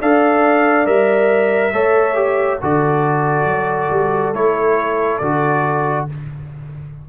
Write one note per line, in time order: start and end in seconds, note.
0.00 0.86 D4
0.00 0.85 A4
0.00 1.73 D5
0.00 0.86 F5
0.85 1.73 G3
0.85 1.72 A#4
0.85 2.60 E5
1.73 2.60 A3
1.73 2.15 A4
1.73 2.60 C#5
2.15 2.58 G4
2.61 3.45 D3
2.61 4.34 F#4
2.61 6.09 A4
2.61 4.35 D5
3.45 3.88 F#3
3.90 4.33 G3
4.33 5.20 A3
4.33 5.21 E4
4.33 5.18 C#5
5.18 6.08 D3
5.18 6.09 F#4
5.18 6.05 D5